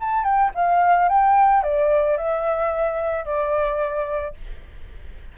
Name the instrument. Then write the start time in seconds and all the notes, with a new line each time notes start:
flute
0.00 A5
0.24 G5
0.54 F5
1.08 G5
1.63 D5
2.17 E5
3.25 D5